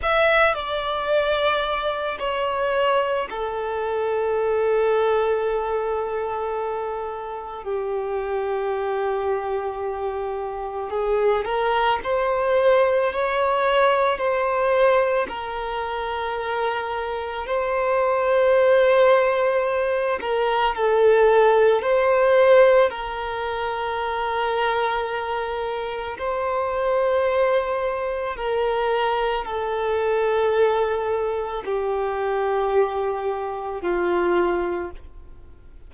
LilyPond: \new Staff \with { instrumentName = "violin" } { \time 4/4 \tempo 4 = 55 e''8 d''4. cis''4 a'4~ | a'2. g'4~ | g'2 gis'8 ais'8 c''4 | cis''4 c''4 ais'2 |
c''2~ c''8 ais'8 a'4 | c''4 ais'2. | c''2 ais'4 a'4~ | a'4 g'2 f'4 | }